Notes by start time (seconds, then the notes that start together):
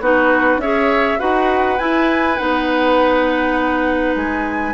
0.00 B3 D#4 F#4 B4
0.57 C#4 G#4 C#5 E5
1.19 D#4 F#4 B4 F#5
1.78 E4 G#5
2.37 B3 D#4 F#5
4.15 G#3 G#5